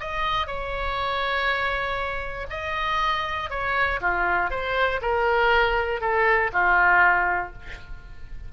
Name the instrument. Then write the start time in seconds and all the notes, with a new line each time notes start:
oboe
0.00 D#5
0.47 C#5
2.50 D#5
3.50 C#5
4.01 F4
4.50 C5
5.02 A#4
6.01 A4
6.53 F4